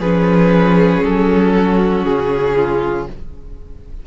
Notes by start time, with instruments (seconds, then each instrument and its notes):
0.00 cello F3, viola C#4, violin G#4 B4
1.04 cello F#3, violin A4
1.56 violin F#4
2.05 cello C#3, violin G#4
2.56 violin F4